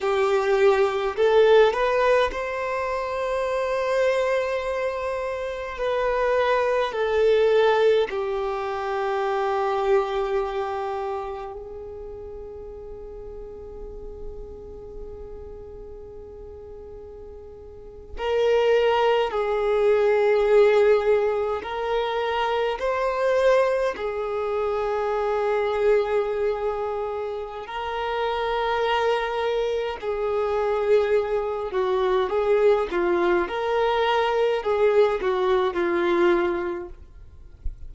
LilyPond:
\new Staff \with { instrumentName = "violin" } { \time 4/4 \tempo 4 = 52 g'4 a'8 b'8 c''2~ | c''4 b'4 a'4 g'4~ | g'2 gis'2~ | gis'2.~ gis'8. ais'16~ |
ais'8. gis'2 ais'4 c''16~ | c''8. gis'2.~ gis'16 | ais'2 gis'4. fis'8 | gis'8 f'8 ais'4 gis'8 fis'8 f'4 | }